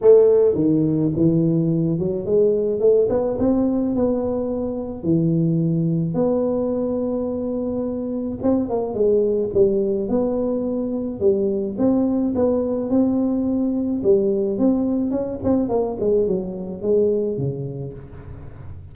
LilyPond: \new Staff \with { instrumentName = "tuba" } { \time 4/4 \tempo 4 = 107 a4 dis4 e4. fis8 | gis4 a8 b8 c'4 b4~ | b4 e2 b4~ | b2. c'8 ais8 |
gis4 g4 b2 | g4 c'4 b4 c'4~ | c'4 g4 c'4 cis'8 c'8 | ais8 gis8 fis4 gis4 cis4 | }